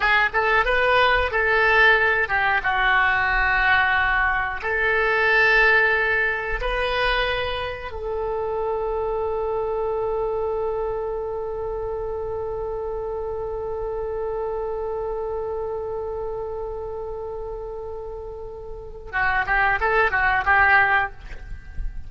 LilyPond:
\new Staff \with { instrumentName = "oboe" } { \time 4/4 \tempo 4 = 91 gis'8 a'8 b'4 a'4. g'8 | fis'2. a'4~ | a'2 b'2 | a'1~ |
a'1~ | a'1~ | a'1~ | a'4 fis'8 g'8 a'8 fis'8 g'4 | }